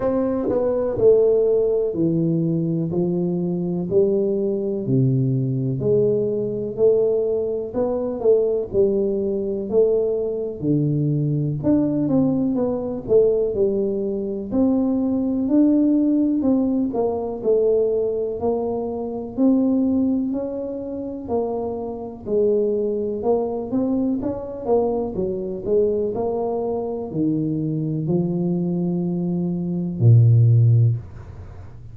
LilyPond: \new Staff \with { instrumentName = "tuba" } { \time 4/4 \tempo 4 = 62 c'8 b8 a4 e4 f4 | g4 c4 gis4 a4 | b8 a8 g4 a4 d4 | d'8 c'8 b8 a8 g4 c'4 |
d'4 c'8 ais8 a4 ais4 | c'4 cis'4 ais4 gis4 | ais8 c'8 cis'8 ais8 fis8 gis8 ais4 | dis4 f2 ais,4 | }